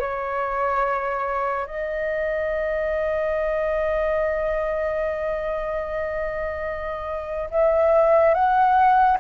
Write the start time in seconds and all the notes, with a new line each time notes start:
0.00 C#5
1.66 D#5
7.51 E5
8.34 F#5